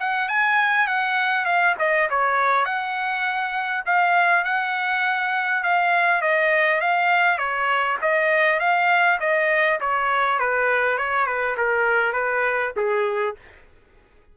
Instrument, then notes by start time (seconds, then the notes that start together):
trumpet
0.00 F#5
0.29 G#5
0.88 F#5
1.46 F5
1.79 D#5
2.10 C#5
2.66 F#5
3.86 F5
4.45 F#5
5.64 F5
6.22 D#5
6.81 F5
7.39 C#5
8.02 D#5
8.60 F5
9.21 D#5
9.81 C#5
10.40 B4
10.98 C#5
11.27 B4
11.58 A#4
12.14 B4
12.77 G#4